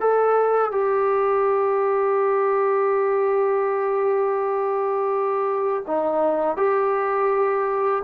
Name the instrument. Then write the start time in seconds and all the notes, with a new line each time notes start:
trombone
0.00 A4
0.71 G4
5.87 D#4
6.56 G4